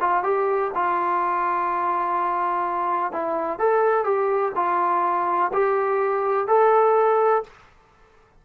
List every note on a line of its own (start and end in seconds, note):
0.00 0.23 F4
0.23 0.71 G4
0.75 3.12 F4
3.12 3.59 E4
3.59 4.04 A4
4.04 4.52 G4
4.55 5.51 F4
5.53 6.47 G4
6.47 7.43 A4